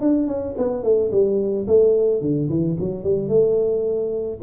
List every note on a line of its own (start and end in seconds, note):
0.00 0.27 D4
0.27 0.55 C#4
0.57 0.83 B3
0.83 1.11 A3
1.11 1.66 G3
1.67 2.21 A3
2.21 2.48 D3
2.49 2.76 E3
2.79 3.04 F#3
3.04 3.28 G3
3.28 4.38 A3